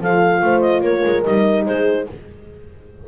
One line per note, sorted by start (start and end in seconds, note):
0.00 0.41 F3
0.00 1.25 F4
0.00 0.41 A4
0.00 0.60 F5
0.41 0.81 A3
0.41 0.83 C5
0.60 0.81 D#5
0.81 1.01 A#3
0.81 1.65 A#4
0.81 1.23 C#5
1.05 1.25 G#3
1.23 1.65 G3
1.23 2.08 D#4
1.23 1.65 D#5
1.65 2.06 G#3
1.65 2.08 G#4
1.65 2.07 C5